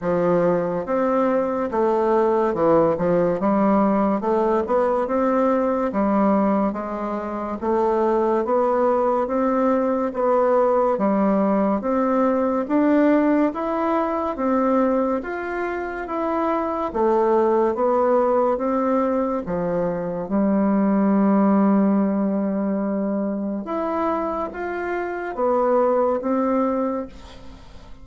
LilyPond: \new Staff \with { instrumentName = "bassoon" } { \time 4/4 \tempo 4 = 71 f4 c'4 a4 e8 f8 | g4 a8 b8 c'4 g4 | gis4 a4 b4 c'4 | b4 g4 c'4 d'4 |
e'4 c'4 f'4 e'4 | a4 b4 c'4 f4 | g1 | e'4 f'4 b4 c'4 | }